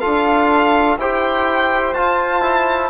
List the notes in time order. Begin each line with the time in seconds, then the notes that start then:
0.00 D4 F4 A4 F5
0.98 E4 G4 C5 G5
1.94 F4 A5
2.42 E4